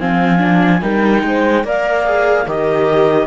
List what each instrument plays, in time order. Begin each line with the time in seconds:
0.00 cello F3, viola C4, horn F5, clarinet G#5
0.38 viola D4
0.82 cello G3, viola D#4, horn A#4, clarinet G5
1.23 cello G#3, horn C5
1.64 cello A#3, viola A#4, horn D5, clarinet F5
2.05 viola G#4
2.46 cello D#3, viola G4, horn A#4, clarinet D#5